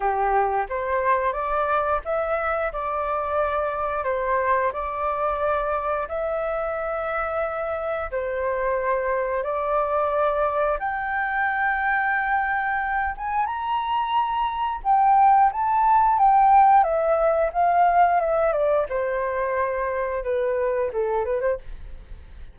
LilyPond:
\new Staff \with { instrumentName = "flute" } { \time 4/4 \tempo 4 = 89 g'4 c''4 d''4 e''4 | d''2 c''4 d''4~ | d''4 e''2. | c''2 d''2 |
g''2.~ g''8 gis''8 | ais''2 g''4 a''4 | g''4 e''4 f''4 e''8 d''8 | c''2 b'4 a'8 b'16 c''16 | }